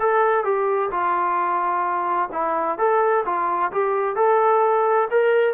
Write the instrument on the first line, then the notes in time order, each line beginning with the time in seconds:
trombone
0.00 A4
0.44 G4
0.91 F4
2.32 E4
2.78 A4
3.25 F4
3.72 G4
4.16 A4
5.11 A#4